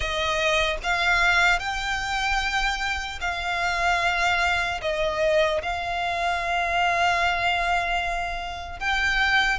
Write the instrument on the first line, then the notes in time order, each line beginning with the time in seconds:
violin
0.00 D#5
0.83 F5
1.59 G5
3.20 F5
4.81 D#5
5.62 F5
8.79 G5